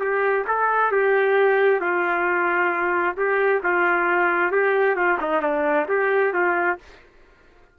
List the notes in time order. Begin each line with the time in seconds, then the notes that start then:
0.00 G4
0.47 A4
0.92 G4
1.80 F4
3.17 G4
3.63 F4
4.52 G4
4.96 F4
5.21 D#4
5.42 D4
5.89 G4
6.33 F4